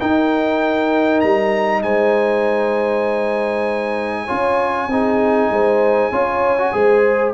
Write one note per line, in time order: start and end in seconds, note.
0.00 1.23 D#4
0.00 4.28 D#4
0.00 1.83 A#4
0.00 1.21 G5
1.21 1.83 G3
1.21 1.82 A#5
1.83 4.28 G#3
1.83 4.25 C5
1.83 7.34 G#5
4.25 4.88 C#4
4.25 4.89 F4
4.25 4.86 C#5
4.88 5.49 C4
4.88 6.12 D#4
4.88 5.52 G#4
5.50 6.11 G#3
5.50 6.11 C5
6.11 6.73 C#4
6.11 6.58 F4
6.11 6.72 C#5
6.58 6.72 F#4
6.72 7.34 G#3
6.72 7.34 G#4
6.72 7.34 C5